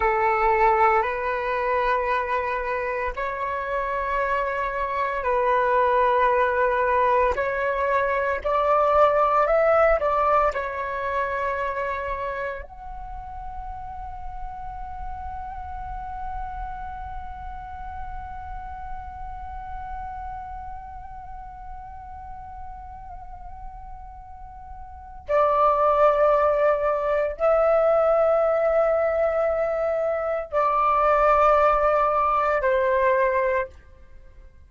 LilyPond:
\new Staff \with { instrumentName = "flute" } { \time 4/4 \tempo 4 = 57 a'4 b'2 cis''4~ | cis''4 b'2 cis''4 | d''4 e''8 d''8 cis''2 | fis''1~ |
fis''1~ | fis''1 | d''2 e''2~ | e''4 d''2 c''4 | }